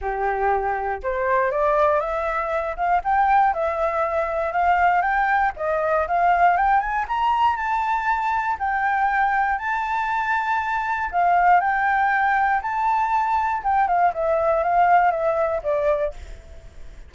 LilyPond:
\new Staff \with { instrumentName = "flute" } { \time 4/4 \tempo 4 = 119 g'2 c''4 d''4 | e''4. f''8 g''4 e''4~ | e''4 f''4 g''4 dis''4 | f''4 g''8 gis''8 ais''4 a''4~ |
a''4 g''2 a''4~ | a''2 f''4 g''4~ | g''4 a''2 g''8 f''8 | e''4 f''4 e''4 d''4 | }